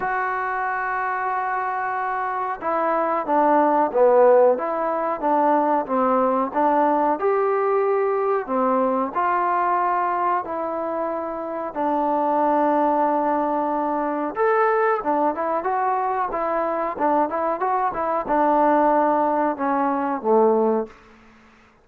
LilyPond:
\new Staff \with { instrumentName = "trombone" } { \time 4/4 \tempo 4 = 92 fis'1 | e'4 d'4 b4 e'4 | d'4 c'4 d'4 g'4~ | g'4 c'4 f'2 |
e'2 d'2~ | d'2 a'4 d'8 e'8 | fis'4 e'4 d'8 e'8 fis'8 e'8 | d'2 cis'4 a4 | }